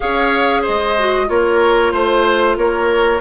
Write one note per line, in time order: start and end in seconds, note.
0.00 0.67 C#4
0.00 0.96 G#4
0.00 0.62 C#5
0.00 0.64 F5
0.62 1.26 C5
0.62 1.29 D#5
0.68 1.28 G#3
0.98 1.26 F#4
1.26 1.92 A#3
1.26 3.20 F4
1.26 1.92 A#4
1.26 1.91 C#5
1.91 2.57 A3
1.91 2.55 C5
1.91 2.57 C5
2.57 3.20 A#3
2.57 3.20 A#4
2.57 3.20 C#5